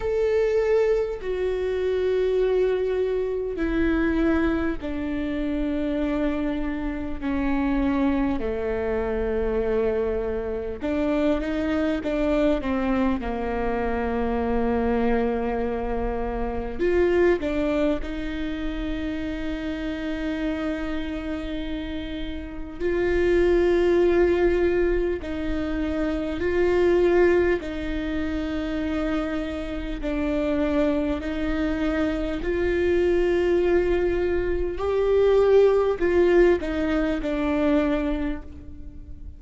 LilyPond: \new Staff \with { instrumentName = "viola" } { \time 4/4 \tempo 4 = 50 a'4 fis'2 e'4 | d'2 cis'4 a4~ | a4 d'8 dis'8 d'8 c'8 ais4~ | ais2 f'8 d'8 dis'4~ |
dis'2. f'4~ | f'4 dis'4 f'4 dis'4~ | dis'4 d'4 dis'4 f'4~ | f'4 g'4 f'8 dis'8 d'4 | }